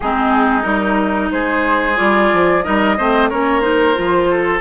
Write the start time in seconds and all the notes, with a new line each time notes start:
0.00 G#3 C4 D#4 G#4
0.62 G3 D#4 A#4
1.31 G#3 G#4 C5
1.95 G3 F4 D5
2.33 F3
2.62 G3 D#4 A#4 D#5
2.97 A3 C4 C5
3.29 A#3 C#4 A#4 C#5
3.60 D#4 C5
3.94 F3 F4
4.30 A4